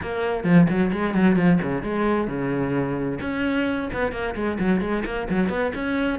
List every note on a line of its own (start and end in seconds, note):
0.01 0.44 A#3
0.44 0.67 F3
0.69 0.92 F#3
0.92 1.14 G#3
1.14 1.36 F#3
1.36 1.59 F3
1.62 1.82 C#3
1.82 2.27 G#3
2.27 3.19 C#3
3.20 3.89 C#4
3.93 4.12 B3
4.12 4.34 A#3
4.35 4.58 G#3
4.59 4.80 F#3
4.80 5.03 G#3
5.05 5.28 A#3
5.29 5.49 F#3
5.49 5.72 B3
5.74 6.19 C#4